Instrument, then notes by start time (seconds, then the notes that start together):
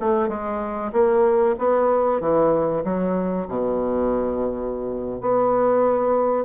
bassoon
0.00 A3
0.29 G#3
0.92 A#3
1.58 B3
2.20 E3
2.84 F#3
3.48 B2
5.21 B3